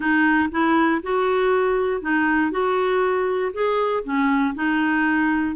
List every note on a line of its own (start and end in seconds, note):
0.00 0.49 D#4
0.51 1.01 E4
1.02 2.01 F#4
2.01 2.51 D#4
2.51 3.52 F#4
3.53 4.03 G#4
4.04 4.54 C#4
4.54 5.55 D#4